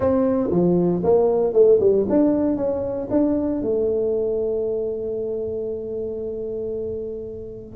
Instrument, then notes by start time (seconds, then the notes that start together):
tuba
0.00 C4
0.50 F3
1.03 A#3
1.53 A3
1.80 G3
2.09 D4
2.56 C#4
3.10 D4
3.62 A3